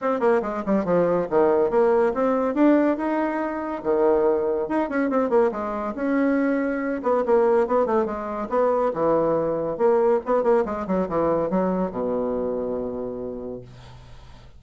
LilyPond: \new Staff \with { instrumentName = "bassoon" } { \time 4/4 \tempo 4 = 141 c'8 ais8 gis8 g8 f4 dis4 | ais4 c'4 d'4 dis'4~ | dis'4 dis2 dis'8 cis'8 | c'8 ais8 gis4 cis'2~ |
cis'8 b8 ais4 b8 a8 gis4 | b4 e2 ais4 | b8 ais8 gis8 fis8 e4 fis4 | b,1 | }